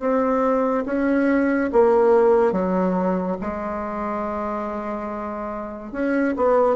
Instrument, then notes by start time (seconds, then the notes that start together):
bassoon
0.00 C4
0.86 C#4
1.72 A#3
2.52 F#3
3.41 G#3
5.93 C#4
6.37 B3